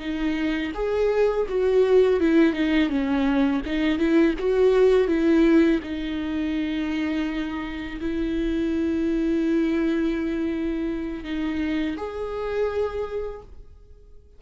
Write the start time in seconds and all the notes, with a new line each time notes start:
0.00 D#4
0.75 G#4
1.49 F#4
2.20 E4
2.53 D#4
2.89 C#4
3.66 D#4
3.99 E4
4.39 F#4
5.08 E4
5.83 D#4
8.01 E4
11.24 D#4
11.97 G#4